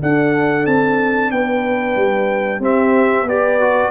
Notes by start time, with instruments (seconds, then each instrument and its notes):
0.00 trombone D4, tuba D4, horn A4, trumpet F#5
0.66 tuba C4, trumpet A5
1.31 tuba B3, horn B4, trumpet G5
1.96 tuba G3
2.60 tuba C4, trombone C4, horn G4, trumpet E5
3.23 tuba B3, trombone G4, horn B4
3.29 trumpet D5
3.60 trombone F#4